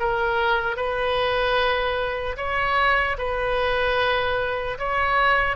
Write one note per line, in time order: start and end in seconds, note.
0.00 0.77 A#4
0.77 2.37 B4
2.37 3.17 C#5
3.19 4.79 B4
4.79 5.57 C#5